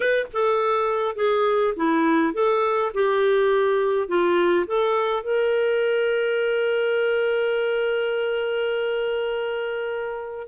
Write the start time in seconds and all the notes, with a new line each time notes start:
0.00 B4
0.33 A4
1.15 G#4
1.76 E4
2.33 A4
2.94 G4
4.08 F4
4.66 A4
5.23 A#4